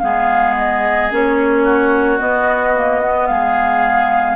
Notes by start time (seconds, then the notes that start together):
0.00 G#3 B3 G#4 F5
0.58 D#5
1.11 A#3 C#4 C#5
1.64 F#4
2.19 B3 D#5
2.76 A#3
3.01 B3
3.27 G#3 G#4 F5